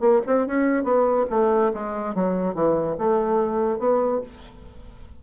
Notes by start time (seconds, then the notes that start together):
0.00 A#3
0.26 C4
0.47 C#4
0.84 B3
1.30 A3
1.74 G#3
2.15 F#3
2.54 E3
2.98 A3
3.79 B3